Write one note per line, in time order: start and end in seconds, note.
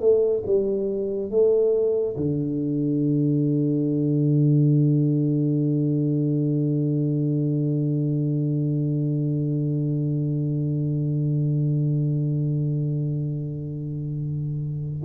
0.00 0.43 A3
0.46 1.31 G3
1.31 2.16 A3
2.17 15.02 D3